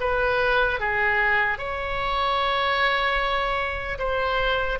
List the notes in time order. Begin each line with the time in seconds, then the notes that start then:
0.00 B4
0.80 G#4
1.58 C#5
3.99 C5